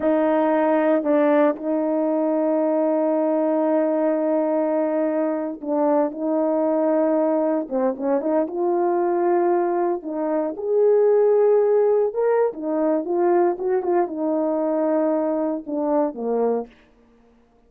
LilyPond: \new Staff \with { instrumentName = "horn" } { \time 4/4 \tempo 4 = 115 dis'2 d'4 dis'4~ | dis'1~ | dis'2~ dis'8. d'4 dis'16~ | dis'2~ dis'8. c'8 cis'8 dis'16~ |
dis'16 f'2. dis'8.~ | dis'16 gis'2. ais'8. | dis'4 f'4 fis'8 f'8 dis'4~ | dis'2 d'4 ais4 | }